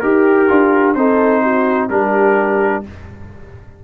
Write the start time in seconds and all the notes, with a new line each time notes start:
0.00 D#4 G4 A#4
0.48 D4 F4
0.95 C4 D#4 A4 C5
1.42 F#4
1.89 G3 D4 G4 A#4